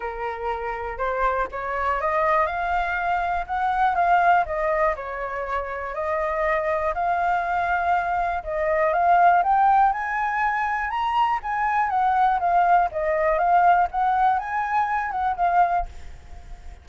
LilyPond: \new Staff \with { instrumentName = "flute" } { \time 4/4 \tempo 4 = 121 ais'2 c''4 cis''4 | dis''4 f''2 fis''4 | f''4 dis''4 cis''2 | dis''2 f''2~ |
f''4 dis''4 f''4 g''4 | gis''2 ais''4 gis''4 | fis''4 f''4 dis''4 f''4 | fis''4 gis''4. fis''8 f''4 | }